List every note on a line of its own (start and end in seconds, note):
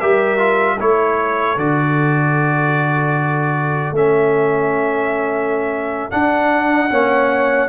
0.00 0.79 G3
0.00 0.38 G4
0.00 0.76 A#4
0.00 0.79 E5
0.38 0.77 F4
0.76 1.56 A3
0.76 1.58 E4
0.76 6.48 A4
0.76 1.58 C#5
1.56 3.91 D3
1.56 3.95 F#4
1.56 3.95 D5
3.91 6.08 A3
3.91 6.11 C#4
3.91 6.11 E5
6.11 6.90 D4
6.11 6.91 D4
6.11 7.68 F#5
6.52 6.90 D4
6.90 7.68 A#3
6.90 7.68 C#4
6.90 7.68 C#5